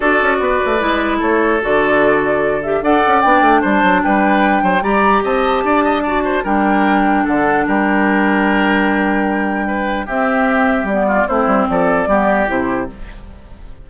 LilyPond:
<<
  \new Staff \with { instrumentName = "flute" } { \time 4/4 \tempo 4 = 149 d''2. cis''4 | d''2~ d''8 e''8 fis''4 | g''4 a''4 g''2 | ais''4 a''2. |
g''2 fis''4 g''4~ | g''1~ | g''4 e''2 d''4 | c''4 d''2 c''4 | }
  \new Staff \with { instrumentName = "oboe" } { \time 4/4 a'4 b'2 a'4~ | a'2. d''4~ | d''4 c''4 b'4. c''8 | d''4 dis''4 d''8 dis''8 d''8 c''8 |
ais'2 a'4 ais'4~ | ais'1 | b'4 g'2~ g'8 f'8 | e'4 a'4 g'2 | }
  \new Staff \with { instrumentName = "clarinet" } { \time 4/4 fis'2 e'2 | fis'2~ fis'8 g'8 a'4 | d'1 | g'2. fis'4 |
d'1~ | d'1~ | d'4 c'2 b4 | c'2 b4 e'4 | }
  \new Staff \with { instrumentName = "bassoon" } { \time 4/4 d'8 cis'8 b8 a8 gis4 a4 | d2. d'8 cis'8 | b8 a8 g8 fis8 g4. fis8 | g4 c'4 d'2 |
g2 d4 g4~ | g1~ | g4 c'2 g4 | a8 g8 f4 g4 c4 | }
>>